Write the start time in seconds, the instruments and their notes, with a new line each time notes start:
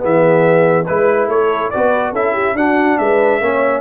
0.00 tuba E3, trombone B3, horn G#4, trumpet E5
0.86 tuba G#3, trombone E4, trumpet B4, horn B4
1.28 tuba A3, horn A4, trumpet C#5
1.71 tuba B3, trombone F#4, horn B4, trumpet D5
2.12 tuba C#4, trombone E4, horn A4, trumpet E5
2.33 horn G4
2.54 tuba D4, trombone D4, horn F#4, trumpet F#5
2.98 tuba G#3, horn B4, trumpet E5
3.40 tuba A#3, trombone C#4, horn C#5